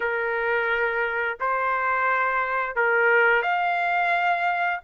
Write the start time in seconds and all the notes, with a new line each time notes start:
0.00 A#4
1.40 C5
2.75 A#4
3.42 F5